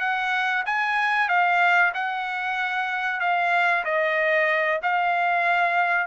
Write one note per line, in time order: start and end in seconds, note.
0.00 0.64 F#5
0.66 1.29 G#5
1.29 1.92 F5
1.94 3.20 F#5
3.20 3.84 F5
3.84 4.80 D#5
4.83 6.07 F5